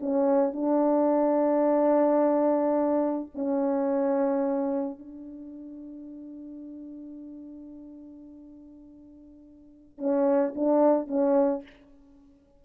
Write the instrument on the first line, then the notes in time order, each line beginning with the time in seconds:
horn
0.00 C#4
0.52 D4
3.34 C#4
4.98 D4
9.98 C#4
10.55 D4
11.07 C#4